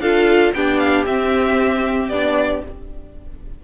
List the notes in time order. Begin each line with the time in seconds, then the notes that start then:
0.00 D4 F4 A4 F5
0.54 B3 D4 G4 G5
0.79 F5
1.06 C4 E5
2.09 B3 D4 D5